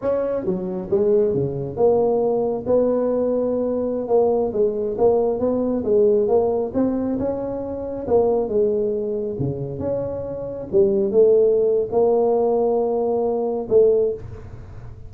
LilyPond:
\new Staff \with { instrumentName = "tuba" } { \time 4/4 \tempo 4 = 136 cis'4 fis4 gis4 cis4 | ais2 b2~ | b4~ b16 ais4 gis4 ais8.~ | ais16 b4 gis4 ais4 c'8.~ |
c'16 cis'2 ais4 gis8.~ | gis4~ gis16 cis4 cis'4.~ cis'16~ | cis'16 g4 a4.~ a16 ais4~ | ais2. a4 | }